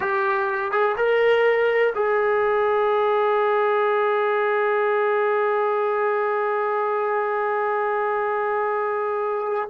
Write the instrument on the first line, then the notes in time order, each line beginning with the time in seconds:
trombone
0.00 G4
0.71 G#4
0.96 A#4
1.95 G#4